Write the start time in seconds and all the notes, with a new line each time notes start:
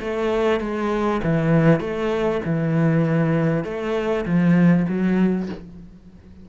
0.00 A3
0.60 G#3
1.23 E3
1.80 A3
2.45 E3
3.64 A3
4.25 F3
4.88 F#3